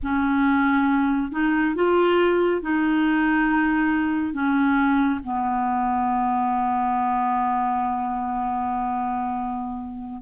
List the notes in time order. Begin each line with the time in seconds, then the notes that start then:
0.02 C#4
1.31 D#4
1.75 F4
2.61 D#4
4.33 C#4
5.23 B3